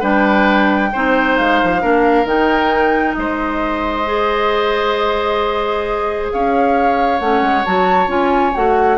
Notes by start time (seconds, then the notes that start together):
0.00 G3 D4 B4 G5
0.93 C4 D#4 C5
1.37 G#3 F5
1.63 F3
1.81 A#3 D4 A#4
2.25 D#3 D#4 G5
3.13 G#3 C5 D#5
4.05 G#4
6.32 C#4 C#5 F5
7.20 A3 C#4 F#5
7.42 G#3
7.65 F#3 F#4 A5
8.07 C#4 F4 G#5
8.55 A3 F#4 F#5